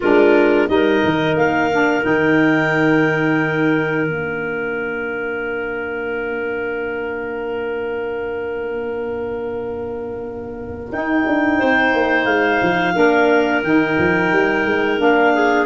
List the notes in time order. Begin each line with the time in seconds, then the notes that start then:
0.00 G#3 D4 F4 A#4
0.68 G3 D#4 A#4 D#5
1.04 D#3
1.36 A#3 F5
1.72 D4
2.02 D#3 D#4 G5
4.06 A#3 D4 F5
10.91 D#4 G5
11.26 D4
11.59 C4 C5
11.93 A#3
12.25 G#3 F5
12.62 F3
12.94 A#3 D4 A#4
13.62 D#3 D#4 G5
13.98 F3
14.32 G3
14.65 G#3
14.98 A#3 D4 F5
15.34 G#4